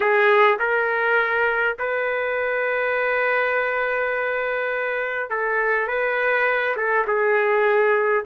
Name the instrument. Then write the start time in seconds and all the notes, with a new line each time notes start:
trumpet
0.00 G#4
0.59 A#4
1.79 B4
5.30 A4
5.87 B4
6.76 A4
7.07 G#4